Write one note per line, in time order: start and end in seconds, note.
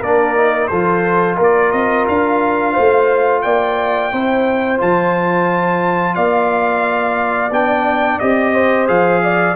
0.00 0.70 A#3
0.00 0.37 D4
0.00 0.68 A#4
0.00 0.67 D5
0.37 0.71 D#4
0.67 1.39 F3
0.67 4.12 F4
0.67 1.37 A4
0.67 1.36 C5
1.37 1.73 A#3
1.37 2.73 A#4
1.37 1.71 D5
1.71 2.07 C4
1.71 2.06 D#5
2.08 2.77 D4
2.08 3.42 F5
2.73 3.45 A3
2.73 3.41 C5
3.42 4.12 A#3
3.42 4.12 D5
3.42 4.78 G5
4.12 4.80 C4
4.12 4.78 E4
4.12 6.16 C5
4.78 6.16 F3
4.78 7.50 F4
4.78 6.15 A5
6.15 7.51 A#3
6.15 8.54 D5
6.15 7.51 F5
7.51 8.19 B3
7.51 8.21 D4
7.51 8.19 G5
8.19 8.89 C4
8.19 8.87 G4
8.19 8.87 D#5
8.54 9.22 C5
8.87 9.56 F3
8.87 9.55 G#4
8.87 9.56 F5
9.24 9.56 D5